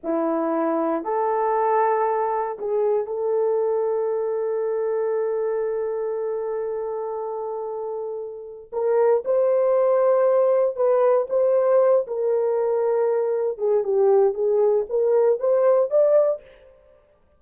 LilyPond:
\new Staff \with { instrumentName = "horn" } { \time 4/4 \tempo 4 = 117 e'2 a'2~ | a'4 gis'4 a'2~ | a'1~ | a'1~ |
a'4 ais'4 c''2~ | c''4 b'4 c''4. ais'8~ | ais'2~ ais'8 gis'8 g'4 | gis'4 ais'4 c''4 d''4 | }